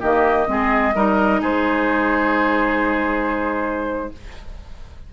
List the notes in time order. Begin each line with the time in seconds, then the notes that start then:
0.00 D#3 A#3 G4 D#5
0.46 G#3 C4 G#4
0.95 G3 D#4 A#4
1.41 G#3 G#4 C5